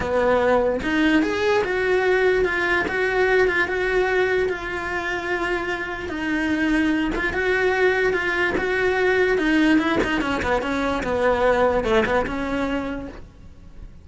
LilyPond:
\new Staff \with { instrumentName = "cello" } { \time 4/4 \tempo 4 = 147 b2 dis'4 gis'4 | fis'2 f'4 fis'4~ | fis'8 f'8 fis'2 f'4~ | f'2. dis'4~ |
dis'4. f'8 fis'2 | f'4 fis'2 dis'4 | e'8 dis'8 cis'8 b8 cis'4 b4~ | b4 a8 b8 cis'2 | }